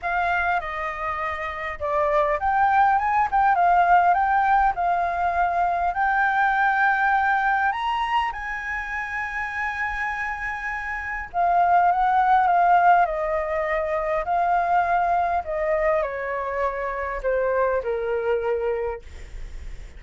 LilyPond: \new Staff \with { instrumentName = "flute" } { \time 4/4 \tempo 4 = 101 f''4 dis''2 d''4 | g''4 gis''8 g''8 f''4 g''4 | f''2 g''2~ | g''4 ais''4 gis''2~ |
gis''2. f''4 | fis''4 f''4 dis''2 | f''2 dis''4 cis''4~ | cis''4 c''4 ais'2 | }